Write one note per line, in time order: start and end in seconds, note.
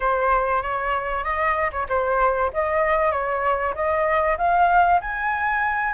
0.00 0.62 C5
0.62 1.24 C#5
1.24 1.70 D#5
1.71 1.87 C#5
1.88 2.51 C5
2.53 3.11 D#5
3.11 3.74 C#5
3.74 4.37 D#5
4.38 5.00 F5
5.00 5.93 G#5